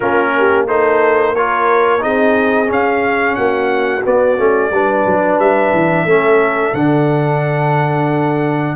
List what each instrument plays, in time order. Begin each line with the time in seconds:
0.00 tuba A#3, trombone C#4, horn F4, trumpet A#4
0.38 horn G4
0.67 trombone D#4, horn A4, trumpet C5
1.35 trombone F4, horn A#4, trumpet C#5
1.99 tuba C4, trombone D#4, horn G#4, trumpet D#5
2.66 trombone C#4, tuba C#4
2.72 trumpet F5
3.35 tuba A#3, horn F#4, trumpet F#5
4.04 trombone B3, tuba B3, trumpet D5
4.37 tuba A3, trombone C#4
4.71 tuba G3, trombone D4, horn B4
5.05 tuba F#3
5.38 tuba G3, trumpet E5
5.73 tuba E3
6.05 tuba A3, trombone C#4, horn A4
6.73 tuba D3, trombone D4, trumpet F#5